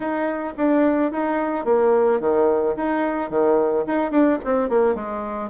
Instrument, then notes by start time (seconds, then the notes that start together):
bassoon
0.00 D#4
0.57 D4
1.11 D#4
1.64 A#3
2.20 D#3
2.76 D#4
3.30 D#3
3.86 D#4
4.11 D4
4.44 C4
4.69 A#3
4.94 G#3